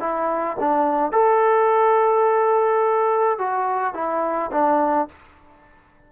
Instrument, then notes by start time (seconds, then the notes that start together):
trombone
0.00 E4
0.60 D4
1.12 A4
3.38 F#4
3.94 E4
4.52 D4